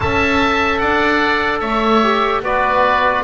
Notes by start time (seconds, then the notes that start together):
0.00 C#4 A4 E5 A5
0.78 D4 D5 F#5
1.59 A3 C#5 E5
2.02 G4
2.42 B3 F#4 B4 D5